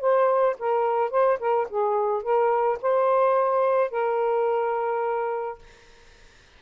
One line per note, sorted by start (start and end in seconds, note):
0.00 0.56 C5
0.59 1.10 A#4
1.10 1.38 C5
1.39 1.67 A#4
1.69 2.22 G#4
2.22 2.78 A#4
2.82 3.90 C5
3.90 5.58 A#4